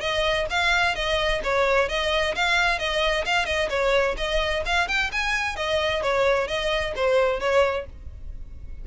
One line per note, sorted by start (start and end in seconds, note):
0.00 0.46 D#5
0.50 0.95 F5
0.95 1.41 D#5
1.43 1.89 C#5
1.89 2.35 D#5
2.35 2.78 F5
2.78 3.25 D#5
3.25 3.46 F5
3.46 3.69 D#5
3.69 4.15 C#5
4.17 4.63 D#5
4.65 4.88 F5
4.88 5.11 G5
5.12 5.56 G#5
5.56 6.02 D#5
6.02 6.48 C#5
6.48 6.94 D#5
6.95 7.40 C5
7.40 7.86 C#5